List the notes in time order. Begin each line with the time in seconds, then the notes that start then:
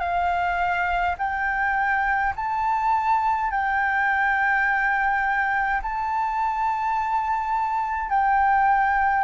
0.00 F5
1.18 G5
2.36 A5
3.51 G5
5.82 A5
8.10 G5